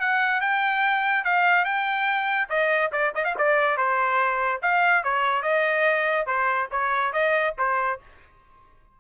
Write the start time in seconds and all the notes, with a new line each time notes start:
0.00 F#5
0.41 G5
1.25 F5
1.65 G5
2.49 D#5
2.92 D5
3.15 D#5
3.25 F5
3.38 D5
3.78 C5
4.62 F5
5.03 C#5
5.43 D#5
6.27 C5
6.71 C#5
7.13 D#5
7.58 C5